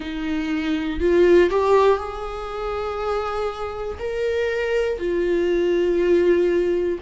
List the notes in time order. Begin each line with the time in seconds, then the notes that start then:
0.00 D#4
1.00 F4
1.50 G4
1.97 G#4
3.98 A#4
4.98 F4